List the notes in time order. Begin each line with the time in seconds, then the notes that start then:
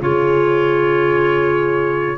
0.00 C#3 F4 G#4 C#5